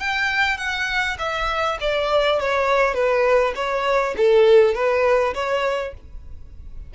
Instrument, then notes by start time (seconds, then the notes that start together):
violin
0.00 G5
0.58 F#5
1.19 E5
1.81 D5
2.40 C#5
2.94 B4
3.55 C#5
4.17 A4
4.75 B4
5.35 C#5